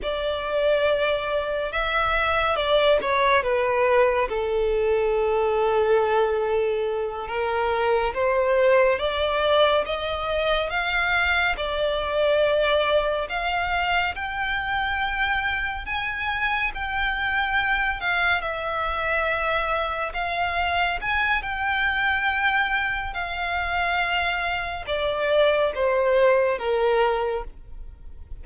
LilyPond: \new Staff \with { instrumentName = "violin" } { \time 4/4 \tempo 4 = 70 d''2 e''4 d''8 cis''8 | b'4 a'2.~ | a'8 ais'4 c''4 d''4 dis''8~ | dis''8 f''4 d''2 f''8~ |
f''8 g''2 gis''4 g''8~ | g''4 f''8 e''2 f''8~ | f''8 gis''8 g''2 f''4~ | f''4 d''4 c''4 ais'4 | }